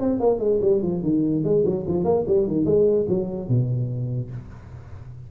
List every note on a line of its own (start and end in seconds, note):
0.00 0.20 C4
0.20 0.39 A#3
0.39 0.60 G#3
0.62 0.82 G3
0.82 1.03 F3
1.03 1.44 D#3
1.44 1.64 G#3
1.66 1.86 F#3
1.88 2.04 F3
2.04 2.25 A#3
2.27 2.48 G3
2.48 2.65 D#3
2.65 3.06 G#3
3.09 3.49 F#3
3.49 4.31 B2